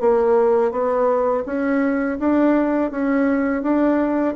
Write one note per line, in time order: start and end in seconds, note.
0.00 0.71 A#3
0.71 1.44 B3
1.46 2.18 C#4
2.19 2.91 D4
2.91 3.62 C#4
3.62 4.35 D4